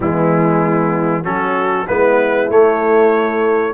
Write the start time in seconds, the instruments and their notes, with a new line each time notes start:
0.00 tuba E3, trombone G#3, horn B3, trumpet E4
1.23 tuba F#3, trombone C#4, horn F#4, trumpet A4
1.87 tuba G#3, trombone B3, horn E4, trumpet B4
2.49 tuba A3, trombone A3, trumpet C#5